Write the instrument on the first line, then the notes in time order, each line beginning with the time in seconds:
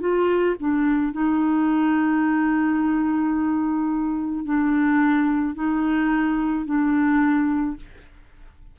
clarinet
0.00 F4
0.59 D4
1.12 D#4
4.44 D4
5.55 D#4
6.65 D4